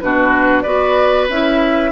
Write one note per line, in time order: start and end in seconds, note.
0.00 0.65 B2
0.00 0.65 D4
0.00 0.63 F#4
0.00 0.62 B4
0.62 1.29 B3
0.62 1.29 F#4
0.62 1.90 B4
0.62 1.26 D5
1.29 1.92 C#4
1.29 1.92 E4
1.29 1.92 E5